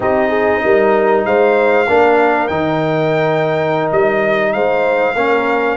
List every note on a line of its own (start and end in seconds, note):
0.00 0.63 C4
0.00 1.86 D#4
0.00 0.29 G4
0.00 1.25 D#5
0.29 0.60 G#4
0.63 1.25 G3
0.63 1.26 A#4
1.25 1.88 G#3
1.25 1.86 C5
1.25 2.47 F5
1.86 2.50 A#3
1.86 2.49 D4
1.86 4.52 A#4
2.47 3.91 D#3
2.47 5.15 D#4
2.47 3.88 G5
3.91 4.54 G3
3.91 4.52 D#5
4.52 5.15 G#3
4.52 5.14 C5
4.52 5.77 F5
5.14 5.77 A#3
5.14 5.77 C#4
5.14 5.76 A#4